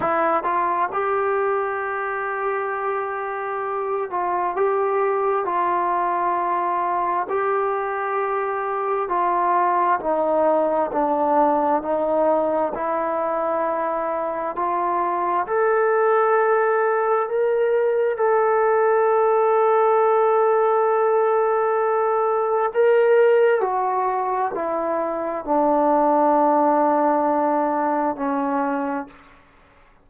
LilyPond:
\new Staff \with { instrumentName = "trombone" } { \time 4/4 \tempo 4 = 66 e'8 f'8 g'2.~ | g'8 f'8 g'4 f'2 | g'2 f'4 dis'4 | d'4 dis'4 e'2 |
f'4 a'2 ais'4 | a'1~ | a'4 ais'4 fis'4 e'4 | d'2. cis'4 | }